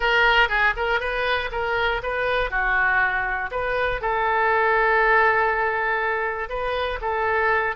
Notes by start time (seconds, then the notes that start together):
0.00 A#4
0.49 G#4
0.76 A#4
1.00 B4
1.51 A#4
2.02 B4
2.50 F#4
3.51 B4
4.01 A4
6.49 B4
7.01 A4